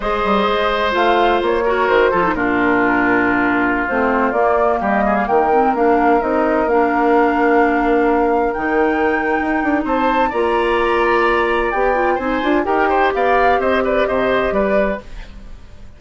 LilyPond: <<
  \new Staff \with { instrumentName = "flute" } { \time 4/4 \tempo 4 = 128 dis''2 f''4 cis''4 | c''4 ais'2.~ | ais'16 c''4 d''4 dis''8. f''16 g''8.~ | g''16 f''4 dis''4 f''4.~ f''16~ |
f''2~ f''16 g''4.~ g''16~ | g''4 a''4 ais''2~ | ais''4 g''4 gis''4 g''4 | f''4 dis''8 d''8 dis''4 d''4 | }
  \new Staff \with { instrumentName = "oboe" } { \time 4/4 c''2.~ c''8 ais'8~ | ais'8 a'8 f'2.~ | f'2~ f'16 g'8 gis'8 ais'8.~ | ais'1~ |
ais'1~ | ais'4 c''4 d''2~ | d''2 c''4 ais'8 c''8 | d''4 c''8 b'8 c''4 b'4 | }
  \new Staff \with { instrumentName = "clarinet" } { \time 4/4 gis'2 f'4. fis'8~ | fis'8 f'16 dis'16 d'2.~ | d'16 c'4 ais2~ ais8 c'16~ | c'16 d'4 dis'4 d'4.~ d'16~ |
d'2~ d'16 dis'4.~ dis'16~ | dis'2 f'2~ | f'4 g'8 f'8 dis'8 f'8 g'4~ | g'1 | }
  \new Staff \with { instrumentName = "bassoon" } { \time 4/4 gis8 g8 gis4 a4 ais4 | dis8 f8 ais,2.~ | ais,16 a4 ais4 g4 dis8.~ | dis16 ais4 c'4 ais4.~ ais16~ |
ais2~ ais16 dis4.~ dis16 | dis'8 d'8 c'4 ais2~ | ais4 b4 c'8 d'8 dis'4 | b4 c'4 c4 g4 | }
>>